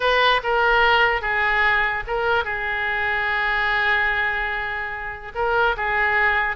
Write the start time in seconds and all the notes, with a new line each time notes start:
0.00 B4
0.43 A#4
1.21 G#4
2.07 A#4
2.44 G#4
5.34 A#4
5.76 G#4